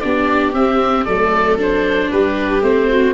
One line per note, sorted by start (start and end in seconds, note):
0.00 0.53 B3
0.00 0.53 D4
0.00 1.05 G4
0.00 0.52 D5
0.53 1.05 C4
0.53 1.08 C4
0.53 1.04 E5
1.04 2.11 F#3
1.04 1.58 A3
1.04 2.09 A4
1.04 1.56 D5
1.58 2.61 D4
1.58 2.11 C5
2.11 2.61 G3
2.11 2.89 G4
2.11 2.62 B4
2.61 3.13 A3
2.61 3.12 C4
2.61 3.13 C5
2.89 3.13 F#4